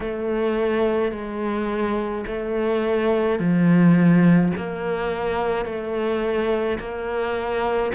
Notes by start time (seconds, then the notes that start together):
0.00 A3
1.11 G#3
2.26 A3
3.39 F3
4.56 A#3
5.65 A3
6.79 A#3